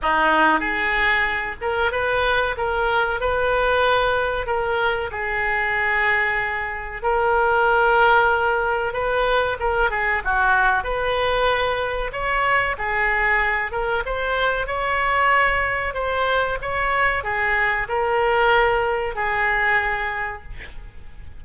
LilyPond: \new Staff \with { instrumentName = "oboe" } { \time 4/4 \tempo 4 = 94 dis'4 gis'4. ais'8 b'4 | ais'4 b'2 ais'4 | gis'2. ais'4~ | ais'2 b'4 ais'8 gis'8 |
fis'4 b'2 cis''4 | gis'4. ais'8 c''4 cis''4~ | cis''4 c''4 cis''4 gis'4 | ais'2 gis'2 | }